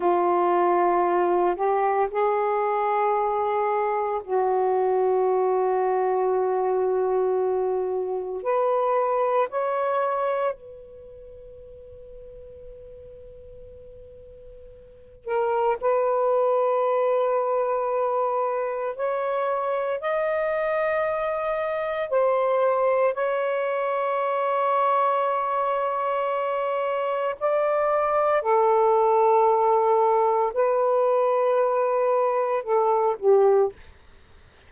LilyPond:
\new Staff \with { instrumentName = "saxophone" } { \time 4/4 \tempo 4 = 57 f'4. g'8 gis'2 | fis'1 | b'4 cis''4 b'2~ | b'2~ b'8 ais'8 b'4~ |
b'2 cis''4 dis''4~ | dis''4 c''4 cis''2~ | cis''2 d''4 a'4~ | a'4 b'2 a'8 g'8 | }